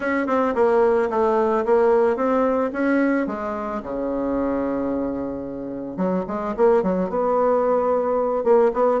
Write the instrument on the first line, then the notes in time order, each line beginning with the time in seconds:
bassoon
0.00 C#4
0.26 C4
0.54 A#3
1.10 A3
1.65 A#3
2.16 C4
2.72 C#4
3.27 G#3
3.82 C#3
5.96 F#3
6.27 G#3
6.57 A#3
6.82 F#3
7.09 B3
8.43 A#3
8.73 B3